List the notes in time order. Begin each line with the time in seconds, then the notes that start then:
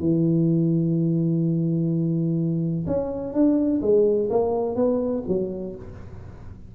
0.00 E3
2.87 C#4
3.33 D4
3.82 G#3
4.31 A#3
4.76 B3
5.28 F#3